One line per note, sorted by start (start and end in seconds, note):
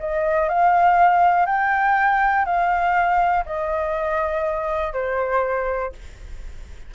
0.00 0.50 D#5
0.50 1.47 F5
1.47 2.46 G5
2.46 3.45 F5
3.46 4.94 D#5
4.94 5.93 C5